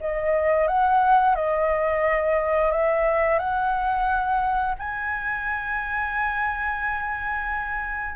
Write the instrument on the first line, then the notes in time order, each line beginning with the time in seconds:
flute
0.00 D#5
0.67 F#5
1.35 D#5
2.71 E5
3.38 F#5
4.79 G#5